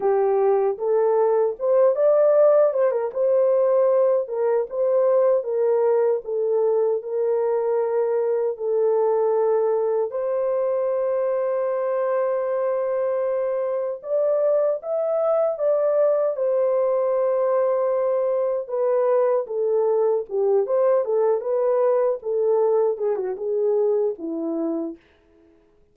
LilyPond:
\new Staff \with { instrumentName = "horn" } { \time 4/4 \tempo 4 = 77 g'4 a'4 c''8 d''4 c''16 ais'16 | c''4. ais'8 c''4 ais'4 | a'4 ais'2 a'4~ | a'4 c''2.~ |
c''2 d''4 e''4 | d''4 c''2. | b'4 a'4 g'8 c''8 a'8 b'8~ | b'8 a'4 gis'16 fis'16 gis'4 e'4 | }